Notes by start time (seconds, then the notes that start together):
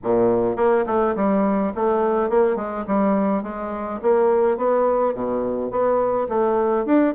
0.03 A#2
0.56 A#3
0.86 A3
1.15 G3
1.75 A3
2.29 A#3
2.56 G#3
2.87 G3
3.42 G#3
4.02 A#3
4.57 B3
5.14 B2
5.70 B3
6.29 A3
6.85 D4